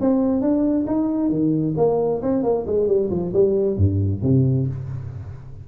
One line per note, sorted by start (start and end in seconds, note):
0.00 0.41 C4
0.41 0.85 D4
0.86 1.29 D#4
1.29 1.74 D#3
1.76 2.21 A#3
2.22 2.43 C4
2.43 2.65 A#3
2.66 2.87 G#3
2.87 3.09 G3
3.10 3.32 F3
3.33 3.76 G3
3.76 4.21 G2
4.22 4.67 C3